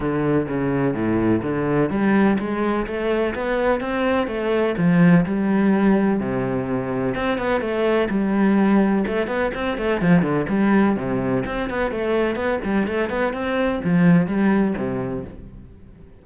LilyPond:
\new Staff \with { instrumentName = "cello" } { \time 4/4 \tempo 4 = 126 d4 cis4 a,4 d4 | g4 gis4 a4 b4 | c'4 a4 f4 g4~ | g4 c2 c'8 b8 |
a4 g2 a8 b8 | c'8 a8 f8 d8 g4 c4 | c'8 b8 a4 b8 g8 a8 b8 | c'4 f4 g4 c4 | }